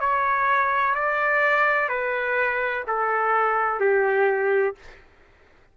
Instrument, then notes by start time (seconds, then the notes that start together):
trumpet
0.00 C#5
0.95 D5
1.89 B4
2.87 A4
3.80 G4